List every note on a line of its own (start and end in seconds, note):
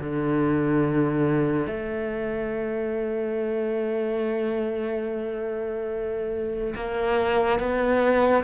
0.00 1.67 D3
1.67 6.75 A3
6.76 7.60 A#3
7.60 8.44 B3